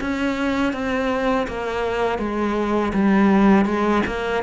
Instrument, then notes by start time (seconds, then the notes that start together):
cello
0.00 C#4
0.73 C4
1.47 A#3
2.18 G#3
2.93 G3
3.65 G#3
4.06 A#3